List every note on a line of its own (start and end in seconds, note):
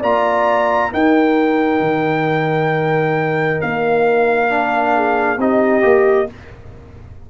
0.00 0.93 A#3
0.00 0.91 F4
0.00 0.90 D5
0.00 0.93 A#5
0.91 4.49 D#4
0.91 1.81 D#4
0.91 4.95 A#4
0.91 3.61 G5
1.81 3.60 D#3
3.61 5.38 A#3
3.61 5.40 F5
4.49 5.39 D4
4.95 5.39 G#4
5.38 5.83 C4
5.38 5.82 D#4
5.38 6.29 G4
5.38 6.30 D#5
5.82 6.29 A#3
5.82 6.27 G4